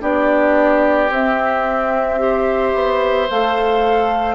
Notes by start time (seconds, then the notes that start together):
0.00 B3 D4 G4 D5
1.10 C4 E5
2.19 G4 C5
2.74 B3
3.30 A3 A4 F5